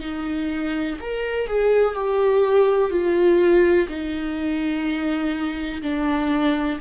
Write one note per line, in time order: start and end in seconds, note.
0.00 0.97 D#4
1.01 1.47 A#4
1.47 1.94 G#4
1.94 2.90 G4
2.90 3.87 F4
3.88 5.82 D#4
5.82 6.79 D4